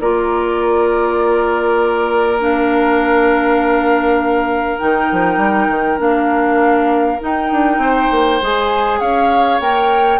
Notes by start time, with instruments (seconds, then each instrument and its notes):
0.00 bassoon A#3, clarinet F4, oboe A#4, flute D5
2.39 clarinet D4, flute F5
4.79 bassoon D#3, clarinet D#4, flute G5
5.12 bassoon F3
5.37 bassoon G3
5.69 bassoon D#3
5.98 bassoon A#3, clarinet D4, flute F5
7.20 clarinet D#4, bassoon D#4, flute G5
7.52 bassoon D4
7.78 bassoon C4, oboe C5
8.11 bassoon A#3
8.41 bassoon G#3, clarinet G#4, flute G#5
9.00 bassoon C#4, oboe C#5, flute F5
9.59 bassoon A#3, clarinet A#4, flute G5